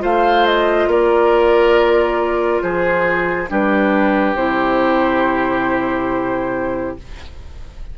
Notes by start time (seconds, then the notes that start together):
0.00 A3 F4 C5 F5
0.47 D#5
0.87 A#3 A#4 D5
2.63 F3 G#4 C5
3.49 G3 D4 G4 B4
4.35 C3 E4 C5